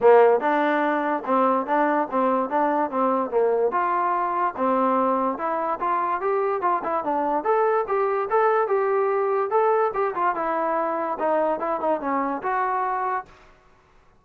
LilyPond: \new Staff \with { instrumentName = "trombone" } { \time 4/4 \tempo 4 = 145 ais4 d'2 c'4 | d'4 c'4 d'4 c'4 | ais4 f'2 c'4~ | c'4 e'4 f'4 g'4 |
f'8 e'8 d'4 a'4 g'4 | a'4 g'2 a'4 | g'8 f'8 e'2 dis'4 | e'8 dis'8 cis'4 fis'2 | }